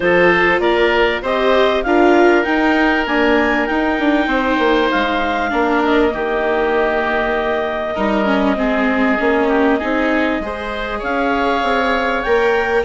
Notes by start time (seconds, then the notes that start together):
0.00 F3 F4 A4 C5
0.59 A#3 A#4 D5
1.22 C4 G4 C5 D#5
1.83 D4 F4 A#4 F5
2.43 D#4 G5
3.06 A#3 D4 G#5
3.66 D#4 G5
3.99 D4
4.26 C4 C5
4.58 A#3
4.91 G#3 F5
5.50 A#3 D4 A#4
5.84 D#5
6.11 D#3 A#3 G4
7.94 G3 D#4 A#4
8.25 C#4
8.55 G#3 C4 G#4
9.18 A#3 C#4
9.48 G4
9.78 C4 D#4 G#4
10.39 G#3 G#4 C5
10.98 C#4 C#5 F5
11.62 C4
12.23 A#3 A#4 G5